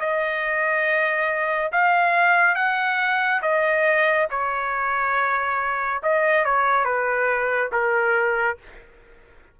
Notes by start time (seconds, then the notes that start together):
0.00 D#5
1.72 F5
2.56 F#5
3.42 D#5
4.31 C#5
6.03 D#5
6.45 C#5
6.85 B4
7.72 A#4